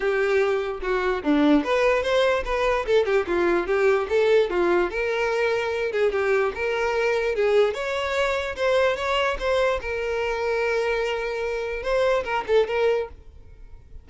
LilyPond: \new Staff \with { instrumentName = "violin" } { \time 4/4 \tempo 4 = 147 g'2 fis'4 d'4 | b'4 c''4 b'4 a'8 g'8 | f'4 g'4 a'4 f'4 | ais'2~ ais'8 gis'8 g'4 |
ais'2 gis'4 cis''4~ | cis''4 c''4 cis''4 c''4 | ais'1~ | ais'4 c''4 ais'8 a'8 ais'4 | }